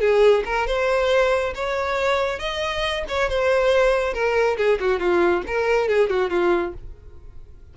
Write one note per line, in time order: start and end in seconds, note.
0.00 0.43 G#4
0.45 0.66 A#4
0.66 1.53 C5
1.55 2.39 C#5
2.39 3.04 D#5
3.08 3.29 C#5
3.29 4.13 C5
4.13 4.57 A#4
4.57 4.79 G#4
4.80 4.99 F#4
4.99 5.43 F4
5.47 5.88 A#4
5.88 6.09 G#4
6.09 6.30 F#4
6.30 6.73 F4